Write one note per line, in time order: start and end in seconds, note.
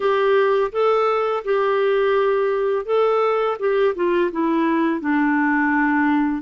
0.00 0.71 G4
0.72 1.43 A4
1.44 2.85 G4
2.85 3.57 A4
3.59 3.94 G4
3.94 4.31 F4
4.31 5.00 E4
5.00 6.42 D4